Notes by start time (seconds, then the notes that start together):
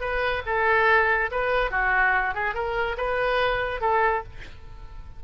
0.00 B4
0.46 A4
1.31 B4
1.71 F#4
2.34 G#4
2.54 A#4
2.97 B4
3.81 A4